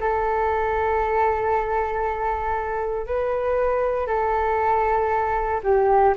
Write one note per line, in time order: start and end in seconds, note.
0.00 3.06 A4
3.06 4.07 B4
4.07 5.61 A4
5.63 6.14 G4